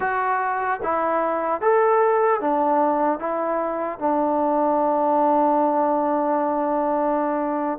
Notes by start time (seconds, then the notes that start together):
0.00 F#4
0.83 E4
1.61 A4
2.40 D4
3.19 E4
3.99 D4